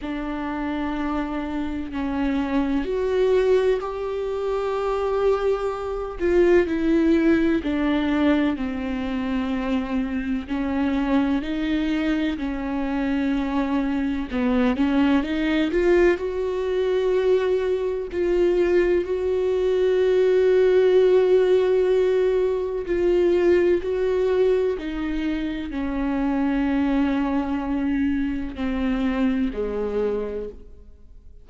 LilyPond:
\new Staff \with { instrumentName = "viola" } { \time 4/4 \tempo 4 = 63 d'2 cis'4 fis'4 | g'2~ g'8 f'8 e'4 | d'4 c'2 cis'4 | dis'4 cis'2 b8 cis'8 |
dis'8 f'8 fis'2 f'4 | fis'1 | f'4 fis'4 dis'4 cis'4~ | cis'2 c'4 gis4 | }